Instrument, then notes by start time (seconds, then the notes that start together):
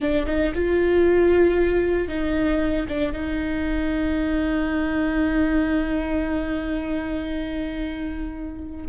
viola
0.00 D4
0.26 D#4
0.55 F4
2.08 D#4
2.88 D4
3.12 D#4